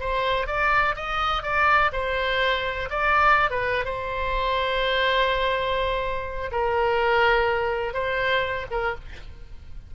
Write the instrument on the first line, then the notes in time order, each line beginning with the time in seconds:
oboe
0.00 C5
0.47 D5
0.96 D#5
1.43 D5
1.92 C5
2.90 D5
3.50 B4
3.84 C5
6.51 A#4
7.94 C5
8.71 A#4